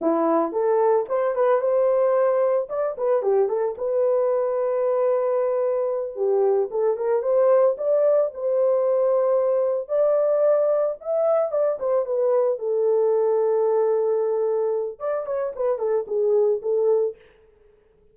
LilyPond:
\new Staff \with { instrumentName = "horn" } { \time 4/4 \tempo 4 = 112 e'4 a'4 c''8 b'8 c''4~ | c''4 d''8 b'8 g'8 a'8 b'4~ | b'2.~ b'8 g'8~ | g'8 a'8 ais'8 c''4 d''4 c''8~ |
c''2~ c''8 d''4.~ | d''8 e''4 d''8 c''8 b'4 a'8~ | a'1 | d''8 cis''8 b'8 a'8 gis'4 a'4 | }